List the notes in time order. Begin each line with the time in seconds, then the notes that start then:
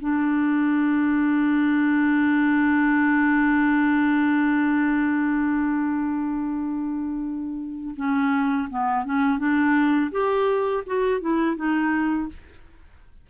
0.00 D4
7.96 C#4
8.70 B3
9.05 C#4
9.39 D4
10.12 G4
10.87 F#4
11.21 E4
11.57 D#4